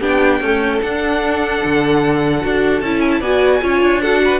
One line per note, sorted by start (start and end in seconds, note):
0.00 0.40 B3
0.00 0.41 D4
0.00 0.40 G4
0.00 0.80 G5
0.40 0.82 A3
0.40 0.80 C#4
0.40 3.20 A4
0.80 2.41 D4
0.80 1.62 D4
0.80 2.80 F#5
1.64 2.44 D3
2.41 2.81 D4
2.41 2.81 F#4
2.81 3.20 C#4
2.81 3.22 E4
2.81 3.00 A5
3.00 3.10 G#5
3.10 3.21 A5
3.20 3.60 B3
3.20 3.61 F#4
3.20 3.60 D5
3.20 4.01 G#5
3.61 3.81 C#4
3.61 4.01 F4
3.61 4.02 C#5
3.81 4.40 D4
4.01 4.40 F#4
4.01 4.21 A4
4.01 4.40 F#5
4.24 4.40 B4